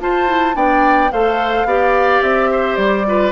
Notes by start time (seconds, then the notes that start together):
0.00 F4 C5 A5
0.27 E4
0.55 B3 D4 D5 G5
1.12 A3 A4 C5 F5
1.65 B3 G4 D5
2.22 C4 E5
2.51 C5
2.76 G3 D5
3.07 F4 B4